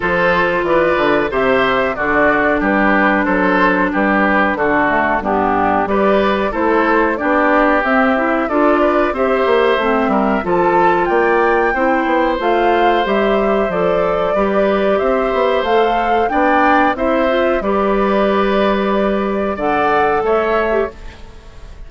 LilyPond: <<
  \new Staff \with { instrumentName = "flute" } { \time 4/4 \tempo 4 = 92 c''4 d''4 e''4 d''4 | b'4 c''4 b'4 a'4 | g'4 d''4 c''4 d''4 | e''4 d''4 e''2 |
a''4 g''2 f''4 | e''4 d''2 e''4 | f''4 g''4 e''4 d''4~ | d''2 fis''4 e''4 | }
  \new Staff \with { instrumentName = "oboe" } { \time 4/4 a'4 b'4 c''4 fis'4 | g'4 a'4 g'4 fis'4 | d'4 b'4 a'4 g'4~ | g'4 a'8 b'8 c''4. ais'8 |
a'4 d''4 c''2~ | c''2 b'4 c''4~ | c''4 d''4 c''4 b'4~ | b'2 d''4 cis''4 | }
  \new Staff \with { instrumentName = "clarinet" } { \time 4/4 f'2 g'4 d'4~ | d'2.~ d'8 a8 | b4 g'4 e'4 d'4 | c'8 e'8 f'4 g'4 c'4 |
f'2 e'4 f'4 | g'4 a'4 g'2 | a'4 d'4 e'8 f'8 g'4~ | g'2 a'4.~ a'16 g'16 | }
  \new Staff \with { instrumentName = "bassoon" } { \time 4/4 f4 e8 d8 c4 d4 | g4 fis4 g4 d4 | g,4 g4 a4 b4 | c'4 d'4 c'8 ais8 a8 g8 |
f4 ais4 c'8 b8 a4 | g4 f4 g4 c'8 b8 | a4 b4 c'4 g4~ | g2 d4 a4 | }
>>